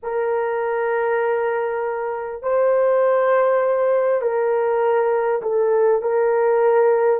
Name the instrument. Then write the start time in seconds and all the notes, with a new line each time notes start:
horn
0.02 A#4
2.42 C5
4.21 A#4
5.42 A4
6.02 A#4